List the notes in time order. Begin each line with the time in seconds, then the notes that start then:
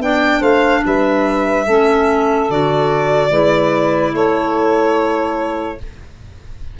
0.00 B3 D4 D5 G5
0.40 A3 C5 F5
0.86 G3 B4 E5
1.66 A3 C#4 A4
2.50 D3 F#4 D5
3.31 G#3 E4 B4
4.14 A3 A4 C#5